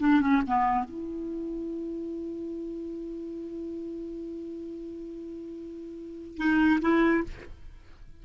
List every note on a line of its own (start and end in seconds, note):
0.00 0.21 D4
0.21 0.43 C#4
0.48 0.85 B3
0.85 6.38 E4
6.38 6.80 D#4
6.82 7.24 E4